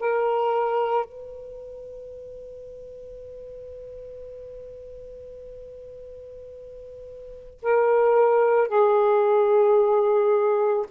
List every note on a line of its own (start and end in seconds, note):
0.00 1.05 A#4
1.05 7.60 B4
7.62 8.68 A#4
8.68 10.86 G#4